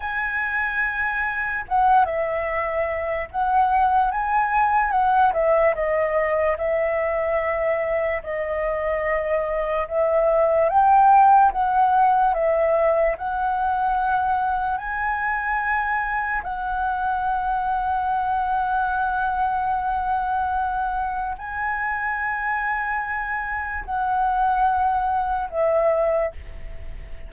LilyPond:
\new Staff \with { instrumentName = "flute" } { \time 4/4 \tempo 4 = 73 gis''2 fis''8 e''4. | fis''4 gis''4 fis''8 e''8 dis''4 | e''2 dis''2 | e''4 g''4 fis''4 e''4 |
fis''2 gis''2 | fis''1~ | fis''2 gis''2~ | gis''4 fis''2 e''4 | }